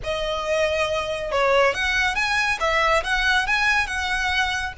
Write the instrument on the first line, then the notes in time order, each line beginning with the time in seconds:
violin
0.03 D#5
1.31 C#5
1.74 F#5
2.15 G#5
2.60 E5
3.03 F#5
3.46 G#5
3.86 F#5